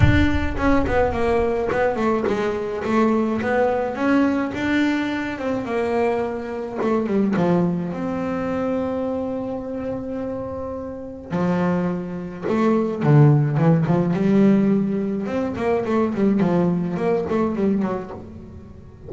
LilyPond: \new Staff \with { instrumentName = "double bass" } { \time 4/4 \tempo 4 = 106 d'4 cis'8 b8 ais4 b8 a8 | gis4 a4 b4 cis'4 | d'4. c'8 ais2 | a8 g8 f4 c'2~ |
c'1 | f2 a4 d4 | e8 f8 g2 c'8 ais8 | a8 g8 f4 ais8 a8 g8 fis8 | }